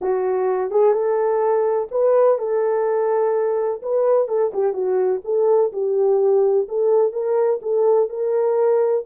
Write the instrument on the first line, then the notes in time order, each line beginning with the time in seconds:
horn
0.01 F#4
0.70 G#4
0.93 A4
1.91 B4
2.38 A4
3.82 B4
4.28 A4
4.53 G4
4.73 F#4
5.24 A4
5.72 G4
6.68 A4
7.12 A#4
7.62 A4
8.09 A#4